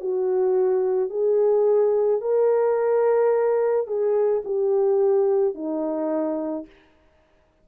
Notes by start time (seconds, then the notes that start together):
0.00 F#4
1.10 G#4
2.21 A#4
3.86 G#4
4.44 G4
5.55 D#4